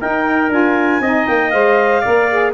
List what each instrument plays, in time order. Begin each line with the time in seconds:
0.00 saxophone D#4, tuba D#4, trumpet A#4, clarinet G5
0.49 tuba D4, saxophone F4, clarinet G#5
1.00 tuba C4, saxophone D#4, trumpet D#5
1.26 tuba A#3, clarinet G5
1.49 tuba G#3, saxophone C5, clarinet F5
2.00 saxophone A#4, trumpet D5
2.06 tuba A#3
2.31 saxophone G#4